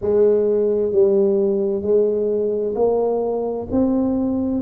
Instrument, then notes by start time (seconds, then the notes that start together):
tuba
0.01 G#3
0.91 G3
1.82 G#3
2.75 A#3
3.71 C4